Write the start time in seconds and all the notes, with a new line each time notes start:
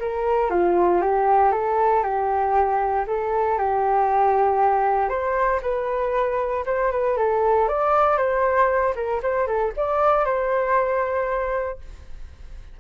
0.00 A#4
0.51 F4
1.02 G4
1.52 A4
2.03 G4
3.07 A4
3.59 G4
5.09 C5
5.62 B4
6.66 C5
6.92 B4
7.17 A4
7.69 D5
8.18 C5
8.96 A#4
9.23 C5
9.47 A4
9.77 D5
10.25 C5